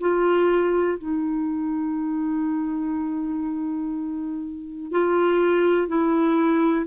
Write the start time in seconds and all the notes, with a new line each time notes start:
0.00 F4
0.98 D#4
4.91 F4
5.87 E4